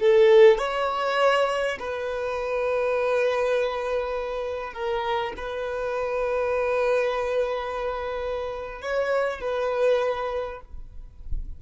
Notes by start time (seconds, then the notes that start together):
0.00 A4
0.58 C#5
1.79 B4
4.73 A#4
5.37 B4
8.82 C#5
9.41 B4